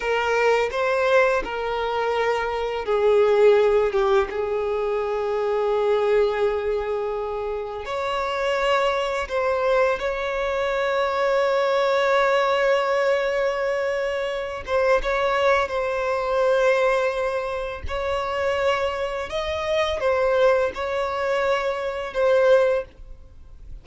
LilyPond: \new Staff \with { instrumentName = "violin" } { \time 4/4 \tempo 4 = 84 ais'4 c''4 ais'2 | gis'4. g'8 gis'2~ | gis'2. cis''4~ | cis''4 c''4 cis''2~ |
cis''1~ | cis''8 c''8 cis''4 c''2~ | c''4 cis''2 dis''4 | c''4 cis''2 c''4 | }